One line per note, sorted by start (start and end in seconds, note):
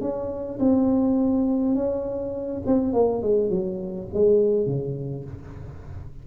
0.00 0.58 C#4
0.59 1.74 C4
1.74 2.62 C#4
2.66 2.93 C4
2.93 3.22 A#3
3.22 3.49 G#3
3.49 4.08 F#3
4.13 4.66 G#3
4.66 5.24 C#3